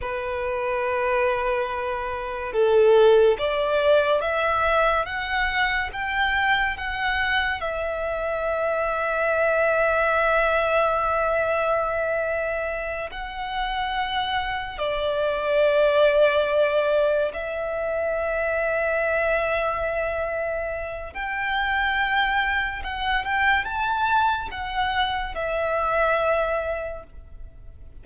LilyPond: \new Staff \with { instrumentName = "violin" } { \time 4/4 \tempo 4 = 71 b'2. a'4 | d''4 e''4 fis''4 g''4 | fis''4 e''2.~ | e''2.~ e''8 fis''8~ |
fis''4. d''2~ d''8~ | d''8 e''2.~ e''8~ | e''4 g''2 fis''8 g''8 | a''4 fis''4 e''2 | }